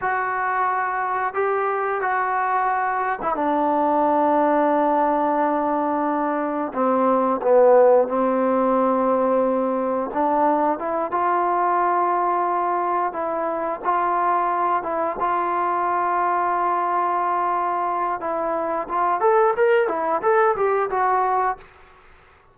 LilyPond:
\new Staff \with { instrumentName = "trombone" } { \time 4/4 \tempo 4 = 89 fis'2 g'4 fis'4~ | fis'8. e'16 d'2.~ | d'2 c'4 b4 | c'2. d'4 |
e'8 f'2. e'8~ | e'8 f'4. e'8 f'4.~ | f'2. e'4 | f'8 a'8 ais'8 e'8 a'8 g'8 fis'4 | }